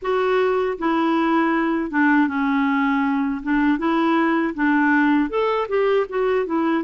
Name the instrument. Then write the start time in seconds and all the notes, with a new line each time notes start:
clarinet
0.02 F#4
0.78 E4
1.91 D4
2.27 C#4
3.42 D4
3.78 E4
4.54 D4
5.29 A4
5.68 G4
6.09 F#4
6.46 E4